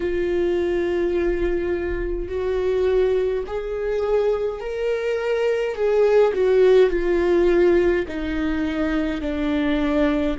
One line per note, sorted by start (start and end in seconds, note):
0.00 2.28 F4
2.28 3.44 F#4
3.46 4.60 G#4
4.60 5.75 A#4
5.75 6.33 G#4
6.33 6.90 F#4
6.90 8.05 F4
8.07 9.21 D#4
9.21 10.36 D4